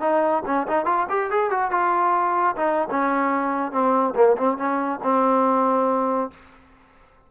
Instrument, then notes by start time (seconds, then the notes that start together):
trombone
0.00 D#4
0.46 C#4
0.67 D#4
0.85 F4
1.09 G4
1.30 G#4
1.50 F#4
1.71 F4
2.56 D#4
2.90 C#4
3.72 C4
4.15 A#3
4.37 C4
4.57 C#4
5.03 C4